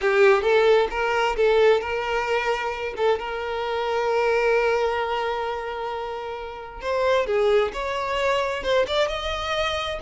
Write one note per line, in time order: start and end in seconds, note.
0.01 0.42 G4
0.42 0.88 A4
0.90 1.36 A#4
1.36 1.80 A4
1.80 2.94 A#4
2.96 3.19 A4
3.19 6.81 A#4
6.81 7.26 C5
7.26 7.71 G#4
7.73 8.63 C#5
8.63 8.86 C5
8.87 9.08 D5
9.08 9.99 D#5